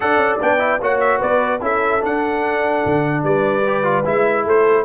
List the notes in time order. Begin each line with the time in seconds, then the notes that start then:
0.00 D4 A4 D5 F#5
0.17 C#4
0.41 B3 D4 G5
0.58 E4
0.80 A#3 F#4 C#5 F#5
1.00 E5
1.18 B3 B4 D5
1.60 C#4 E4 A4 E5
2.00 D4 F#5
2.85 D3
3.23 G3 B4 D5
3.67 G4
3.83 F4
4.05 G#3 E4 E5
4.44 A3 A4 C5